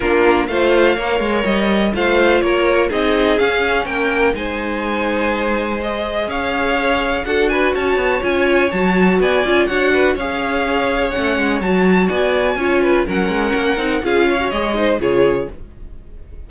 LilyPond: <<
  \new Staff \with { instrumentName = "violin" } { \time 4/4 \tempo 4 = 124 ais'4 f''2 dis''4 | f''4 cis''4 dis''4 f''4 | g''4 gis''2. | dis''4 f''2 fis''8 gis''8 |
a''4 gis''4 a''4 gis''4 | fis''4 f''2 fis''4 | a''4 gis''2 fis''4~ | fis''4 f''4 dis''4 cis''4 | }
  \new Staff \with { instrumentName = "violin" } { \time 4/4 f'4 c''4 cis''2 | c''4 ais'4 gis'2 | ais'4 c''2.~ | c''4 cis''2 a'8 b'8 |
cis''2. d''4 | cis''8 b'8 cis''2.~ | cis''4 d''4 cis''8 b'8 ais'4~ | ais'4 gis'8 cis''4 c''8 gis'4 | }
  \new Staff \with { instrumentName = "viola" } { \time 4/4 d'4 f'4 ais'2 | f'2 dis'4 cis'4~ | cis'4 dis'2. | gis'2. fis'4~ |
fis'4 f'4 fis'4. f'8 | fis'4 gis'2 cis'4 | fis'2 f'4 cis'4~ | cis'8 dis'8 f'8. fis'16 gis'8 dis'8 f'4 | }
  \new Staff \with { instrumentName = "cello" } { \time 4/4 ais4 a4 ais8 gis8 g4 | a4 ais4 c'4 cis'4 | ais4 gis2.~ | gis4 cis'2 d'4 |
cis'8 b8 cis'4 fis4 b8 cis'8 | d'4 cis'2 a8 gis8 | fis4 b4 cis'4 fis8 gis8 | ais8 c'8 cis'4 gis4 cis4 | }
>>